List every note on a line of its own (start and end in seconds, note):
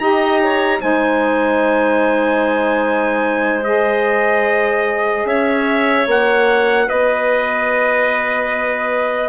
0.00 0.81 D#4
0.00 0.80 G4
0.00 0.42 D#5
0.00 0.81 A#5
0.43 0.81 C#5
0.80 5.25 G#3
0.80 3.64 D#4
0.80 5.27 C5
0.80 3.64 G#5
3.64 6.07 G#4
3.64 5.27 D#5
5.25 6.06 C#4
5.25 6.87 C#5
5.25 6.08 E5
6.07 6.88 A#3
6.07 9.30 F#4
6.07 6.89 F#5
6.87 9.30 B3
6.87 9.30 B4
6.87 9.30 D#5